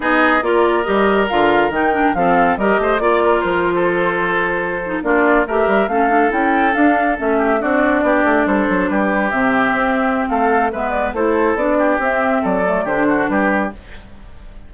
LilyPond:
<<
  \new Staff \with { instrumentName = "flute" } { \time 4/4 \tempo 4 = 140 dis''4 d''4 dis''4 f''4 | g''4 f''4 dis''4 d''4 | c''2.~ c''8. d''16~ | d''8. e''4 f''4 g''4 f''16~ |
f''8. e''4 d''2 c''16~ | c''8. b'4 e''2~ e''16 | f''4 e''8 d''8 c''4 d''4 | e''4 d''4 c''4 b'4 | }
  \new Staff \with { instrumentName = "oboe" } { \time 4/4 gis'4 ais'2.~ | ais'4 a'4 ais'8 c''8 d''8 ais'8~ | ais'8. a'2. f'16~ | f'8. ais'4 a'2~ a'16~ |
a'4~ a'16 g'8 fis'4 g'4 a'16~ | a'8. g'2.~ g'16 | a'4 b'4 a'4. g'8~ | g'4 a'4 g'8 fis'8 g'4 | }
  \new Staff \with { instrumentName = "clarinet" } { \time 4/4 dis'4 f'4 g'4 f'4 | dis'8 d'8 c'4 g'4 f'4~ | f'2.~ f'16 dis'8 d'16~ | d'8. g'4 cis'8 d'8 e'4 d'16~ |
d'8. cis'4 d'2~ d'16~ | d'4.~ d'16 c'2~ c'16~ | c'4 b4 e'4 d'4 | c'4. a8 d'2 | }
  \new Staff \with { instrumentName = "bassoon" } { \time 4/4 b4 ais4 g4 d4 | dis4 f4 g8 a8 ais4 | f2.~ f8. ais16~ | ais8. a8 g8 a4 cis'4 d'16~ |
d'8. a4 c'4 b8 a8 g16~ | g16 fis8 g4 c4 c'4~ c'16 | a4 gis4 a4 b4 | c'4 fis4 d4 g4 | }
>>